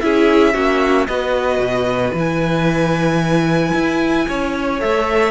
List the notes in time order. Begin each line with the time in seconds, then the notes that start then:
0.00 C#4 E4 G#4 E5
0.53 A#3 C#4 F#4
1.07 B3 F#4 B4 D#5
1.58 B2
2.13 E3 E4 G#5
3.74 E4
4.27 C#4 C#5
4.79 A3 A4 E5